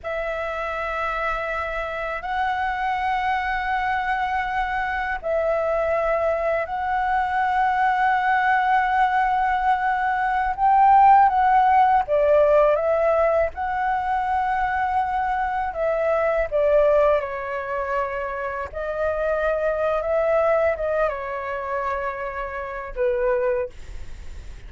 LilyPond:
\new Staff \with { instrumentName = "flute" } { \time 4/4 \tempo 4 = 81 e''2. fis''4~ | fis''2. e''4~ | e''4 fis''2.~ | fis''2~ fis''16 g''4 fis''8.~ |
fis''16 d''4 e''4 fis''4.~ fis''16~ | fis''4~ fis''16 e''4 d''4 cis''8.~ | cis''4~ cis''16 dis''4.~ dis''16 e''4 | dis''8 cis''2~ cis''8 b'4 | }